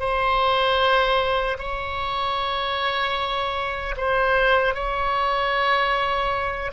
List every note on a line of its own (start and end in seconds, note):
0.00 1.58 C5
1.59 3.95 C#5
3.97 4.74 C5
4.74 6.72 C#5